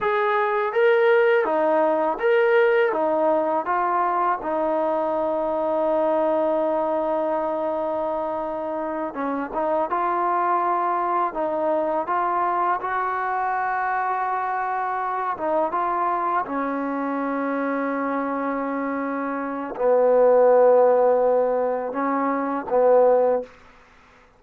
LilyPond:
\new Staff \with { instrumentName = "trombone" } { \time 4/4 \tempo 4 = 82 gis'4 ais'4 dis'4 ais'4 | dis'4 f'4 dis'2~ | dis'1~ | dis'8 cis'8 dis'8 f'2 dis'8~ |
dis'8 f'4 fis'2~ fis'8~ | fis'4 dis'8 f'4 cis'4.~ | cis'2. b4~ | b2 cis'4 b4 | }